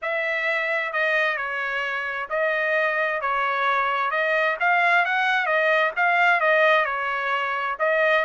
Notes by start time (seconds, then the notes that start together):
0.02 E5
0.93 D#5
1.36 C#5
2.29 D#5
3.21 C#5
4.11 D#5
4.59 F5
5.05 F#5
5.45 D#5
5.96 F5
6.40 D#5
6.85 C#5
7.79 D#5